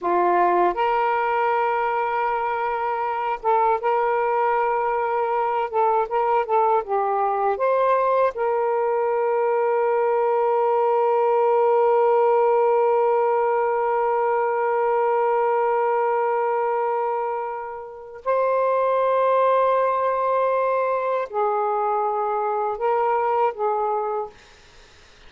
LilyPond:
\new Staff \with { instrumentName = "saxophone" } { \time 4/4 \tempo 4 = 79 f'4 ais'2.~ | ais'8 a'8 ais'2~ ais'8 a'8 | ais'8 a'8 g'4 c''4 ais'4~ | ais'1~ |
ais'1~ | ais'1 | c''1 | gis'2 ais'4 gis'4 | }